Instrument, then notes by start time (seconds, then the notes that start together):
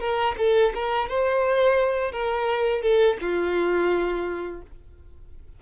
violin
0.00 A#4
0.38 A4
0.75 A#4
1.09 C5
2.12 A#4
2.82 A4
3.21 F4